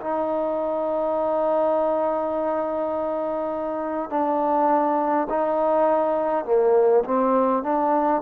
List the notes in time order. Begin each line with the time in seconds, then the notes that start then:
0.00 D#4
4.10 D4
5.29 D#4
6.44 A#3
7.04 C4
7.63 D4